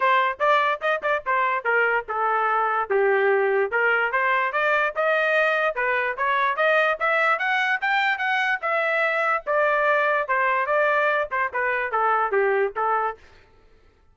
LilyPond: \new Staff \with { instrumentName = "trumpet" } { \time 4/4 \tempo 4 = 146 c''4 d''4 dis''8 d''8 c''4 | ais'4 a'2 g'4~ | g'4 ais'4 c''4 d''4 | dis''2 b'4 cis''4 |
dis''4 e''4 fis''4 g''4 | fis''4 e''2 d''4~ | d''4 c''4 d''4. c''8 | b'4 a'4 g'4 a'4 | }